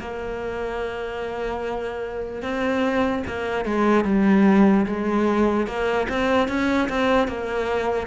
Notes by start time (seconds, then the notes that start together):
0.00 A#3
2.42 C4
3.27 A#3
3.64 G#3
4.04 G3
4.86 G#3
5.67 A#3
6.09 C4
6.48 C#4
6.88 C4
7.28 A#3